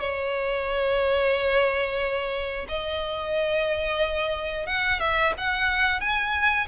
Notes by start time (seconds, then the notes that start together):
0.00 C#5
2.69 D#5
4.67 F#5
5.00 E5
5.38 F#5
6.01 G#5